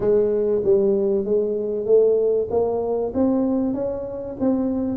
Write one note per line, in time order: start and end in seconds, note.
0.00 0.61 G#3
0.64 1.24 G3
1.24 1.85 G#3
1.85 2.48 A3
2.50 3.12 A#3
3.14 3.74 C4
3.74 4.36 C#4
4.40 4.97 C4